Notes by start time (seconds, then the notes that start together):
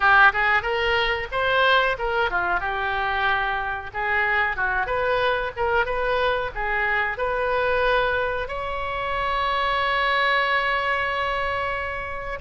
0.00 G4
0.33 G#4
0.62 A#4
1.31 C5
1.98 A#4
2.30 F4
2.60 G4
3.93 G#4
4.56 F#4
4.86 B4
5.56 A#4
5.85 B4
6.54 G#4
7.17 B4
8.48 C#5